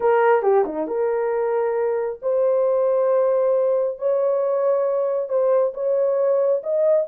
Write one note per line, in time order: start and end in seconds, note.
0.00 0.42 A#4
0.42 0.64 G4
0.65 0.87 D#4
0.87 2.19 A#4
2.22 3.98 C5
3.98 5.28 C#5
5.28 5.73 C5
5.74 6.62 C#5
6.63 7.07 D#5